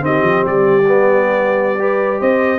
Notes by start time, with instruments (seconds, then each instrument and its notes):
0.00 tuba D#3, trombone C4, horn G4, trumpet D#5
0.22 tuba F3
0.45 tuba G3, trumpet D5
0.88 trombone B3
1.78 trombone G4, horn B4
2.20 tuba C4, horn C5, trumpet D#5